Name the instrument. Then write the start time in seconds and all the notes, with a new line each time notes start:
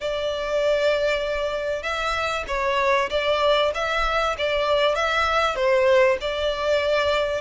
violin
0.01 D5
1.82 E5
2.47 C#5
3.09 D5
3.74 E5
4.37 D5
4.95 E5
5.55 C5
6.20 D5